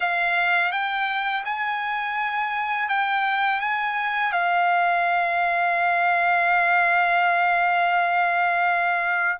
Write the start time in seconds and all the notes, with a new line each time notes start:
0.00 F5
0.71 G5
1.45 G#5
2.88 G5
3.60 G#5
4.32 F5